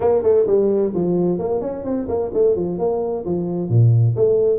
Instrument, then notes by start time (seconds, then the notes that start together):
tuba
0.00 A#3
0.22 A3
0.46 G3
0.94 F3
1.38 A#3
1.61 C#4
1.84 C4
2.08 A#3
2.33 A3
2.55 F3
2.78 A#3
3.25 F3
3.69 A#2
4.16 A3